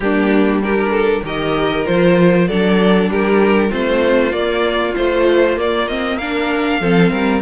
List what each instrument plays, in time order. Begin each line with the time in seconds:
0.00 cello G3, viola A#3, violin D4 G4
0.62 viola D4, violin G4 A#4
0.90 violin A4
1.23 cello D#3, viola G4, violin A#4 D#5
1.85 cello F3, viola F4, violin C5
2.48 cello F#3, viola D4, violin A4 D5
3.09 cello G3, violin G4 A#4
3.69 cello A3, viola C4, violin F4 C5
4.31 viola A#3, cello A#3, violin D5
4.94 viola F3, cello A3, violin C5
5.56 viola A#3, cello A#3, violin D5
5.88 viola C4, violin D#5
6.17 viola D4, violin A#4 F5
6.80 cello F3, viola C4, violin A4
7.11 cello G3, violin A#4